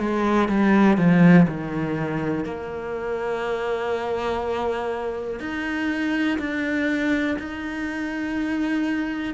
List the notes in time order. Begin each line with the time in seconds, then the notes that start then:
0.00 G#3
0.49 G3
0.97 F3
1.48 D#3
2.45 A#3
5.40 D#4
6.39 D4
7.39 D#4